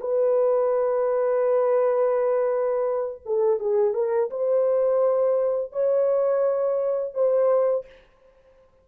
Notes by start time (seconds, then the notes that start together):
0.00 B4
3.25 A4
3.59 G#4
3.94 A#4
4.30 C5
5.72 C#5
7.14 C5